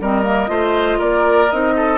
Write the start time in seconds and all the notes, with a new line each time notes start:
0.00 G3 C4 A#4 D#5
0.23 A#3
0.48 A3 F4 C5
0.98 A#3 A#4 D5
1.51 C4 D#4 D#5
1.76 A4